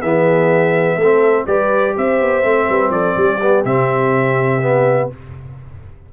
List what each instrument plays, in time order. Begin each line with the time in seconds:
0.00 tuba E3, trombone B3, horn G#4, trumpet E5
0.97 tuba A3, trombone C4, horn A4
1.47 tuba G3, trombone G4, horn B4, trumpet D5
1.96 tuba C4, horn C5, trumpet E5
2.22 tuba B3
2.44 tuba A3, trombone C4
2.69 tuba G3, horn B4
2.90 tuba F3, horn A4, trumpet D5
3.17 tuba G3, horn G4
3.42 trombone B3
3.65 tuba C3, trombone C4, trumpet E5
4.62 trombone B3